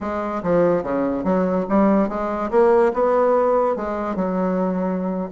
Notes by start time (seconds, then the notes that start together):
0.01 G#3
0.43 F3
0.83 C#3
1.23 F#3
1.69 G3
2.08 G#3
2.50 A#3
2.93 B3
3.75 G#3
4.15 F#3